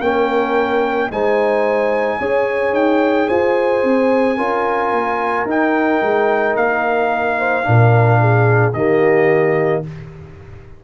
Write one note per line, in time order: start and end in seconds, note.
0.00 1.09 A#3
0.00 1.12 C#4
0.00 1.10 A#4
0.00 1.10 G5
1.10 2.19 G#3
1.10 2.21 D#4
1.10 2.19 C5
1.10 2.74 G#5
2.19 2.72 C#4
2.19 4.38 G#4
2.19 3.28 C#5
2.72 3.27 D#4
2.72 3.28 G5
3.28 3.83 F4
3.28 4.37 C5
3.28 5.47 G#5
3.83 4.37 C4
4.37 4.92 C#4
4.37 5.47 F4
4.37 7.37 A#4
4.92 5.45 A#3
5.45 5.99 D#4
5.45 7.63 D#4
5.45 6.56 G5
6.02 6.55 G#3
6.55 7.65 A#3
6.55 8.73 F5
7.39 7.66 C5
7.63 8.73 A#2
7.63 8.72 D4
7.63 8.20 A#4
8.20 8.75 G#4
8.73 9.82 D#3
8.73 9.84 A#3
8.73 9.84 G4
8.73 9.82 D#5